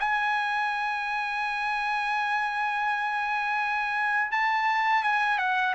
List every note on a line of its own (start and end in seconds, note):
0.00 4.32 G#5
4.32 5.03 A5
5.03 5.39 G#5
5.39 5.75 F#5